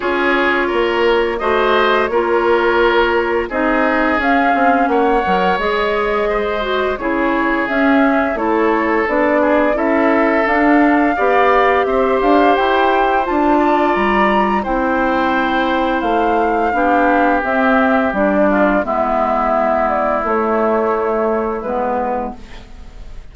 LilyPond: <<
  \new Staff \with { instrumentName = "flute" } { \time 4/4 \tempo 4 = 86 cis''2 dis''4 cis''4~ | cis''4 dis''4 f''4 fis''4 | dis''2 cis''4 e''4 | cis''4 d''4 e''4 f''4~ |
f''4 e''8 f''8 g''4 a''4 | ais''4 g''2 f''4~ | f''4 e''4 d''4 e''4~ | e''8 d''8 cis''2 b'4 | }
  \new Staff \with { instrumentName = "oboe" } { \time 4/4 gis'4 ais'4 c''4 ais'4~ | ais'4 gis'2 cis''4~ | cis''4 c''4 gis'2 | a'4. gis'8 a'2 |
d''4 c''2~ c''8 d''8~ | d''4 c''2. | g'2~ g'8 f'8 e'4~ | e'1 | }
  \new Staff \with { instrumentName = "clarinet" } { \time 4/4 f'2 fis'4 f'4~ | f'4 dis'4 cis'4. ais'8 | gis'4. fis'8 e'4 cis'4 | e'4 d'4 e'4 d'4 |
g'2. f'4~ | f'4 e'2. | d'4 c'4 d'4 b4~ | b4 a2 b4 | }
  \new Staff \with { instrumentName = "bassoon" } { \time 4/4 cis'4 ais4 a4 ais4~ | ais4 c'4 cis'8 c'8 ais8 fis8 | gis2 cis4 cis'4 | a4 b4 cis'4 d'4 |
b4 c'8 d'8 e'4 d'4 | g4 c'2 a4 | b4 c'4 g4 gis4~ | gis4 a2 gis4 | }
>>